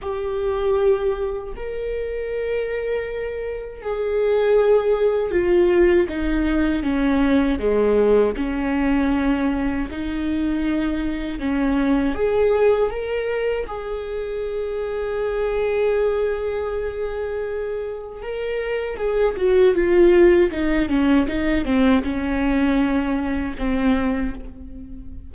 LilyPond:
\new Staff \with { instrumentName = "viola" } { \time 4/4 \tempo 4 = 79 g'2 ais'2~ | ais'4 gis'2 f'4 | dis'4 cis'4 gis4 cis'4~ | cis'4 dis'2 cis'4 |
gis'4 ais'4 gis'2~ | gis'1 | ais'4 gis'8 fis'8 f'4 dis'8 cis'8 | dis'8 c'8 cis'2 c'4 | }